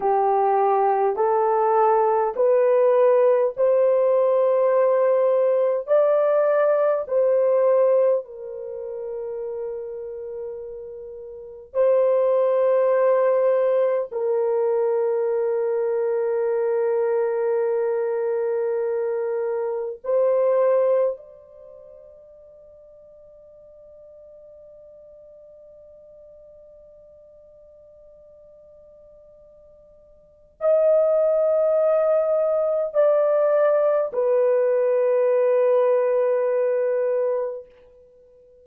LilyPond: \new Staff \with { instrumentName = "horn" } { \time 4/4 \tempo 4 = 51 g'4 a'4 b'4 c''4~ | c''4 d''4 c''4 ais'4~ | ais'2 c''2 | ais'1~ |
ais'4 c''4 d''2~ | d''1~ | d''2 dis''2 | d''4 b'2. | }